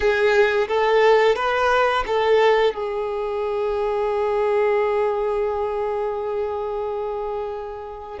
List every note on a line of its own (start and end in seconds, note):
0.00 0.67 G#4
0.68 1.35 A4
1.35 2.04 B4
2.06 2.73 A4
2.73 8.19 G#4